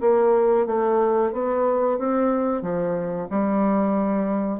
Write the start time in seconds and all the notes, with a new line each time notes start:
0.00 A#3
0.66 A3
1.32 B3
1.98 C4
2.62 F3
3.30 G3